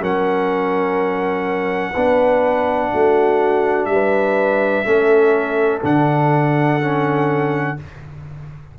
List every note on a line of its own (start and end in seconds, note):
0.00 1.94 F#3
0.00 1.94 C#4
0.00 1.93 A#4
0.00 3.85 F#5
1.93 2.93 B3
1.93 4.85 D4
1.93 2.89 B4
2.93 3.86 A3
2.93 3.90 F#4
3.85 4.83 G3
3.85 5.79 E5
3.93 4.87 B4
4.85 5.82 A3
4.85 5.81 C#4
4.85 7.78 A4
5.83 7.77 D3
5.83 6.80 D4
5.83 7.78 F#5
6.80 7.77 C#4